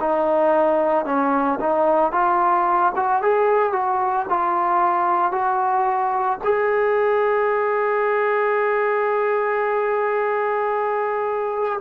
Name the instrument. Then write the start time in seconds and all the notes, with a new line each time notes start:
trombone
0.00 D#4
1.05 C#4
1.60 D#4
2.12 F4
2.96 F#4
3.22 G#4
3.73 F#4
4.29 F4
5.31 F#4
6.44 G#4